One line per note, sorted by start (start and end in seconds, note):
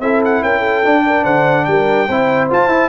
0.00 0.41 C4
0.00 0.84 E4
0.00 0.42 A4
0.00 0.21 E5
0.24 0.43 F#5
0.42 0.84 C#4
0.42 0.59 A#4
0.42 1.24 G5
0.59 1.00 A4
0.84 2.08 D4
0.84 1.24 D4
1.06 1.23 A#4
1.23 1.66 D3
1.23 1.64 C5
1.23 1.64 F#5
1.64 2.08 G3
1.64 2.08 A#4
1.64 2.47 G5
2.08 2.50 C4
2.08 2.50 E4
2.08 2.89 C5
2.50 2.69 F4
2.50 2.67 F4
2.50 2.89 A5
2.67 2.88 E4
2.67 2.89 E4